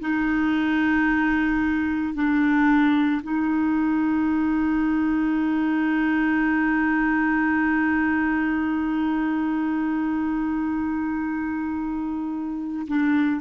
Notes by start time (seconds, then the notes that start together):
0.00 D#4
2.14 D4
3.22 D#4
12.88 D4